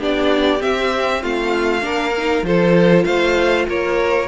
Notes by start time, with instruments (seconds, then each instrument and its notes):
0.00 cello B3, viola D4, violin G4 D5
0.59 viola C4, cello C4, violin E5
1.22 cello A3, violin F4 F5
1.82 cello A#3, viola D4, violin A#4
2.18 viola D#4
2.43 cello F3, viola F4, violin A4 C5
3.05 cello A3, violin C5 F5
3.69 cello A#3, violin A#4 C#5